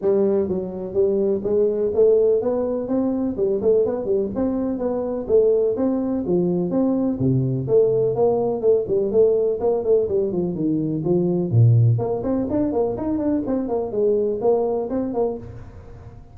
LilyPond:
\new Staff \with { instrumentName = "tuba" } { \time 4/4 \tempo 4 = 125 g4 fis4 g4 gis4 | a4 b4 c'4 g8 a8 | b8 g8 c'4 b4 a4 | c'4 f4 c'4 c4 |
a4 ais4 a8 g8 a4 | ais8 a8 g8 f8 dis4 f4 | ais,4 ais8 c'8 d'8 ais8 dis'8 d'8 | c'8 ais8 gis4 ais4 c'8 ais8 | }